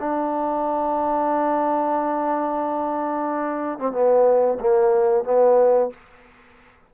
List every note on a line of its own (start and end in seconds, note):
0.00 3.79 D4
3.79 3.93 C4
3.93 4.59 B3
4.60 5.25 A#3
5.25 5.91 B3